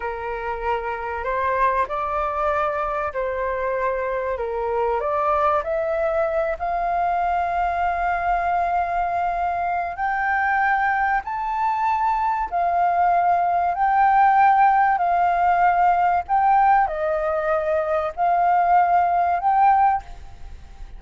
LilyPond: \new Staff \with { instrumentName = "flute" } { \time 4/4 \tempo 4 = 96 ais'2 c''4 d''4~ | d''4 c''2 ais'4 | d''4 e''4. f''4.~ | f''1 |
g''2 a''2 | f''2 g''2 | f''2 g''4 dis''4~ | dis''4 f''2 g''4 | }